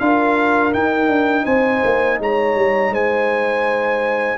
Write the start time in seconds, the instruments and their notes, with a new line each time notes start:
0.00 tuba D4, trombone F4, horn A#4, trumpet F5
0.73 trombone D#4, tuba D#4, trumpet G5
1.08 tuba D4
1.45 tuba C4, horn C5, trumpet G#5
1.84 tuba A#3
2.20 tuba G#3, horn C#5, trumpet A#5
2.56 tuba G3
2.90 tuba G#3, horn C5, trumpet G#5